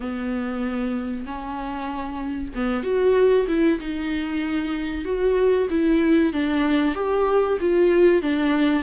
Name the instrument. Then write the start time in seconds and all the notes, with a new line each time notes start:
viola
0.00 B3
1.25 C#4
2.54 B3
2.83 F#4
3.47 E4
3.80 D#4
5.04 F#4
5.70 E4
6.32 D4
6.94 G4
7.60 F4
8.22 D4